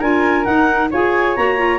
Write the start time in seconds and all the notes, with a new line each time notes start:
0.00 D4 F4 A#4 G#5
0.45 D#4 F#5
0.91 F4 G#4 C#5 G#5
1.36 A#3 F#4 A#5
1.58 F4